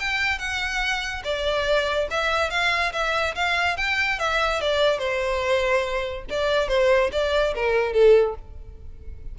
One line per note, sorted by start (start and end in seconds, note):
0.00 0.39 G5
0.39 1.23 F#5
1.25 2.09 D5
2.11 2.51 E5
2.51 2.93 F5
2.93 3.35 E5
3.35 3.77 F5
3.77 4.19 G5
4.20 4.62 E5
4.62 4.99 D5
4.99 6.25 C5
6.31 6.69 D5
6.69 7.11 C5
7.13 7.55 D5
7.55 7.94 A#4
7.94 8.36 A4